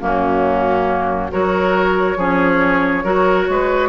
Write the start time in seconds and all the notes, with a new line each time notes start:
0.00 F#2 A#3 C#4 F#4
1.31 F#3 F#4 A#4 C#5
2.17 F3 C#4 G#4
3.04 F#3 F#4 A#4
3.49 G#3 B4